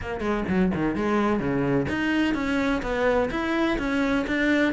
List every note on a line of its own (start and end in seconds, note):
0.01 0.20 A#3
0.20 0.44 G#3
0.48 0.72 F#3
0.74 0.95 D#3
0.95 1.39 G#3
1.39 1.87 C#3
1.88 2.34 D#4
2.34 2.81 C#4
2.82 3.29 B3
3.30 3.78 E4
3.78 4.25 C#4
4.27 4.73 D4